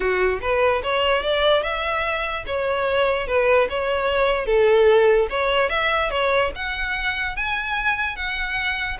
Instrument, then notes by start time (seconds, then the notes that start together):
violin
0.00 F#4
0.41 B4
0.83 C#5
1.22 D5
1.62 E5
2.46 C#5
3.27 B4
3.69 C#5
4.46 A4
5.30 C#5
5.69 E5
6.10 C#5
6.55 F#5
7.36 G#5
8.16 F#5